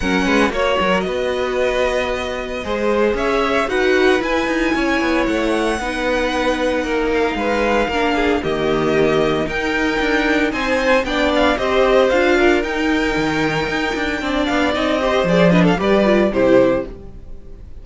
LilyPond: <<
  \new Staff \with { instrumentName = "violin" } { \time 4/4 \tempo 4 = 114 fis''4 cis''4 dis''2~ | dis''2 e''4 fis''4 | gis''2 fis''2~ | fis''4. f''2~ f''8 |
dis''2 g''2 | gis''4 g''8 f''8 dis''4 f''4 | g''2.~ g''8 f''8 | dis''4 d''8 dis''16 f''16 d''4 c''4 | }
  \new Staff \with { instrumentName = "violin" } { \time 4/4 ais'8 b'8 cis''8 ais'8 b'2~ | b'4 c''4 cis''4 b'4~ | b'4 cis''2 b'4~ | b'4 ais'4 b'4 ais'8 gis'8 |
g'2 ais'2 | c''4 d''4 c''4. ais'8~ | ais'2. d''4~ | d''8 c''4 b'16 a'16 b'4 g'4 | }
  \new Staff \with { instrumentName = "viola" } { \time 4/4 cis'4 fis'2.~ | fis'4 gis'2 fis'4 | e'2. dis'4~ | dis'2. d'4 |
ais2 dis'2~ | dis'4 d'4 g'4 f'4 | dis'2. d'4 | dis'8 g'8 gis'8 d'8 g'8 f'8 e'4 | }
  \new Staff \with { instrumentName = "cello" } { \time 4/4 fis8 gis8 ais8 fis8 b2~ | b4 gis4 cis'4 dis'4 | e'8 dis'8 cis'8 b8 a4 b4~ | b4 ais4 gis4 ais4 |
dis2 dis'4 d'4 | c'4 b4 c'4 d'4 | dis'4 dis4 dis'8 d'8 c'8 b8 | c'4 f4 g4 c4 | }
>>